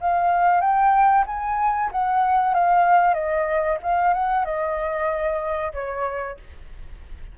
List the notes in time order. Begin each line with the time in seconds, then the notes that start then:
0.00 F5
0.60 G5
1.26 G#5
1.91 F#5
2.54 F5
3.14 D#5
3.82 F5
4.13 F#5
4.44 D#5
5.73 C#5